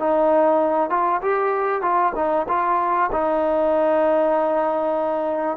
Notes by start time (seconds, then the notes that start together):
0.00 D#4
0.90 F4
1.22 G4
1.82 F4
2.16 D#4
2.49 F4
3.12 D#4